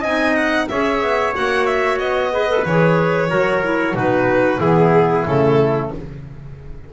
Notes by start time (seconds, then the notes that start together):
0.00 C4 D#4 D#5 G#5
0.35 F#5
0.68 C#4 G#4 C#5 E5
1.02 B3
1.34 A#3 F#4 F#5
1.66 E5
1.99 B3 D#5
2.32 G#4 B4
2.49 A4
2.65 E3 G#4 C#5
3.29 F#3 F#4 A#4
3.63 E4
3.94 B2 D#4 F#4 B4
4.60 E3 B3 E4 G#4
5.26 C#3 A3 A4